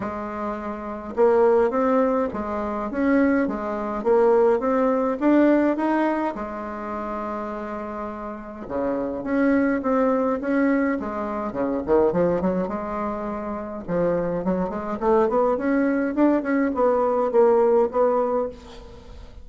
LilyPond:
\new Staff \with { instrumentName = "bassoon" } { \time 4/4 \tempo 4 = 104 gis2 ais4 c'4 | gis4 cis'4 gis4 ais4 | c'4 d'4 dis'4 gis4~ | gis2. cis4 |
cis'4 c'4 cis'4 gis4 | cis8 dis8 f8 fis8 gis2 | f4 fis8 gis8 a8 b8 cis'4 | d'8 cis'8 b4 ais4 b4 | }